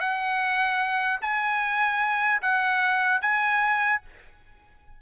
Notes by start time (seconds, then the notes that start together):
0.00 F#5
1.21 G#5
2.42 F#5
3.21 G#5